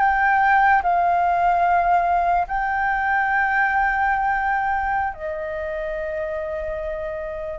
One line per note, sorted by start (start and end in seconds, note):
0.00 0.82 G5
0.83 2.47 F5
2.48 5.14 G5
5.14 7.59 D#5